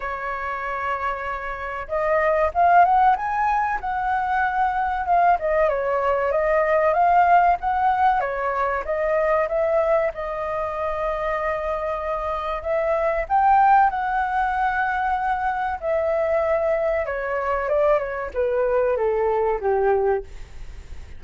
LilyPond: \new Staff \with { instrumentName = "flute" } { \time 4/4 \tempo 4 = 95 cis''2. dis''4 | f''8 fis''8 gis''4 fis''2 | f''8 dis''8 cis''4 dis''4 f''4 | fis''4 cis''4 dis''4 e''4 |
dis''1 | e''4 g''4 fis''2~ | fis''4 e''2 cis''4 | d''8 cis''8 b'4 a'4 g'4 | }